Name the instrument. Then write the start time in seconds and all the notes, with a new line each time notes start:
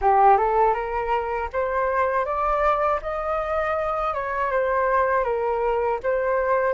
flute
0.01 G4
0.37 A4
0.74 A#4
1.52 C5
2.25 D5
3.02 D#5
4.14 C#5
4.51 C5
5.24 A#4
6.03 C5